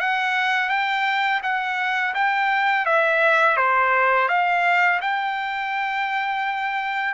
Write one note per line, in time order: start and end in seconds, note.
0.00 0.69 F#5
0.69 1.41 G5
1.43 2.14 F#5
2.14 2.85 G5
2.85 3.57 E5
3.57 4.28 C5
4.28 5.00 F5
5.01 7.14 G5